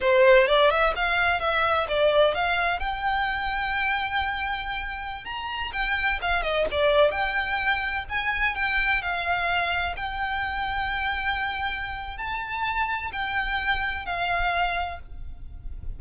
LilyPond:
\new Staff \with { instrumentName = "violin" } { \time 4/4 \tempo 4 = 128 c''4 d''8 e''8 f''4 e''4 | d''4 f''4 g''2~ | g''2.~ g''16 ais''8.~ | ais''16 g''4 f''8 dis''8 d''4 g''8.~ |
g''4~ g''16 gis''4 g''4 f''8.~ | f''4~ f''16 g''2~ g''8.~ | g''2 a''2 | g''2 f''2 | }